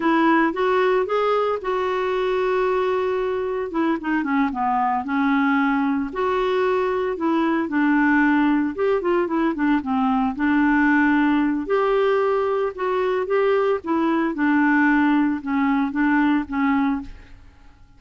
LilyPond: \new Staff \with { instrumentName = "clarinet" } { \time 4/4 \tempo 4 = 113 e'4 fis'4 gis'4 fis'4~ | fis'2. e'8 dis'8 | cis'8 b4 cis'2 fis'8~ | fis'4. e'4 d'4.~ |
d'8 g'8 f'8 e'8 d'8 c'4 d'8~ | d'2 g'2 | fis'4 g'4 e'4 d'4~ | d'4 cis'4 d'4 cis'4 | }